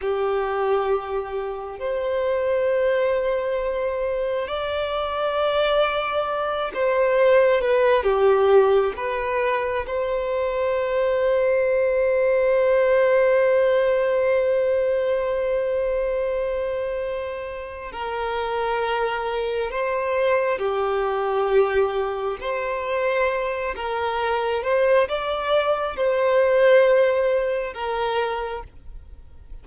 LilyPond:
\new Staff \with { instrumentName = "violin" } { \time 4/4 \tempo 4 = 67 g'2 c''2~ | c''4 d''2~ d''8 c''8~ | c''8 b'8 g'4 b'4 c''4~ | c''1~ |
c''1 | ais'2 c''4 g'4~ | g'4 c''4. ais'4 c''8 | d''4 c''2 ais'4 | }